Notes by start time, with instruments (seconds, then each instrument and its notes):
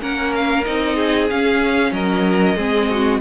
0.00 cello A#3, viola C#4, violin A#4 F#5
0.35 violin F5
0.64 cello C4, viola D#4, violin D#5
0.95 violin G#4
1.29 viola C#4, cello C#4, violin F5
1.92 cello F#3, violin A#4 D#5
2.56 cello G#3, viola C4, violin G#4
2.90 violin F#4